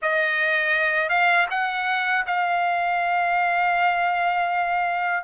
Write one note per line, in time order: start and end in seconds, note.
0.01 1.09 D#5
1.09 1.46 F5
1.50 2.25 F#5
2.26 5.24 F5